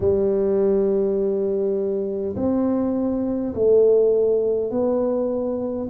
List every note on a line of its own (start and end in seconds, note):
0.00 2.35 G3
2.36 3.53 C4
3.54 4.71 A3
4.71 5.88 B3